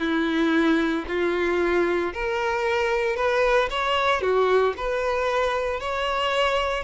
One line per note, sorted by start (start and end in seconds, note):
0.00 1.05 E4
1.08 2.13 F4
2.14 3.17 A#4
3.17 3.69 B4
3.71 4.22 C#5
4.22 4.74 F#4
4.78 5.80 B4
5.80 6.84 C#5